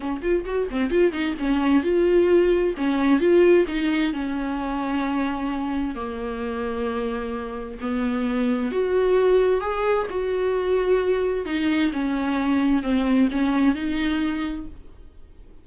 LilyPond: \new Staff \with { instrumentName = "viola" } { \time 4/4 \tempo 4 = 131 cis'8 f'8 fis'8 c'8 f'8 dis'8 cis'4 | f'2 cis'4 f'4 | dis'4 cis'2.~ | cis'4 ais2.~ |
ais4 b2 fis'4~ | fis'4 gis'4 fis'2~ | fis'4 dis'4 cis'2 | c'4 cis'4 dis'2 | }